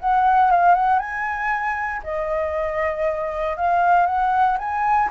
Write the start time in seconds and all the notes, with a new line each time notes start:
0.00 F#5
0.51 F5
0.75 F#5
1.00 G#5
2.04 D#5
3.58 F5
4.07 F#5
4.59 G#5